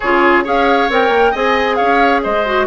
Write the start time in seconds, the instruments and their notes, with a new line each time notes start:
0.00 bassoon C#3, clarinet F4, oboe G#4, flute C#5
0.43 bassoon C#4, clarinet G#4, oboe C#5, flute F5
0.89 bassoon C4, clarinet A#4, flute G5
1.08 bassoon A#3
1.31 bassoon C4, clarinet G#4, oboe D#5, flute G#5
1.75 bassoon C#4, oboe C#5, flute F5
2.23 bassoon G#3, oboe C5, flute D#5
2.46 clarinet F#4